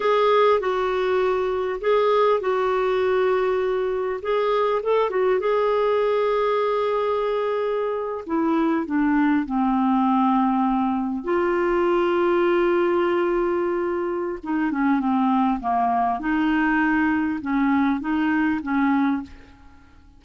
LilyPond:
\new Staff \with { instrumentName = "clarinet" } { \time 4/4 \tempo 4 = 100 gis'4 fis'2 gis'4 | fis'2. gis'4 | a'8 fis'8 gis'2.~ | gis'4.~ gis'16 e'4 d'4 c'16~ |
c'2~ c'8. f'4~ f'16~ | f'1 | dis'8 cis'8 c'4 ais4 dis'4~ | dis'4 cis'4 dis'4 cis'4 | }